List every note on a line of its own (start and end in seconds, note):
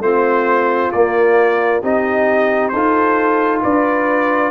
0.00 0.90 A3
0.00 0.93 C4
0.00 1.82 F4
0.00 0.92 C5
0.92 1.83 A#3
0.92 1.82 D5
1.82 2.72 C4
1.82 2.73 D#4
1.82 2.72 G4
1.82 2.69 D#5
2.69 3.63 D#4
2.69 3.63 A4
2.69 3.59 C5
2.76 4.52 F4
3.63 4.52 D4
3.63 4.52 B4
3.63 4.52 D5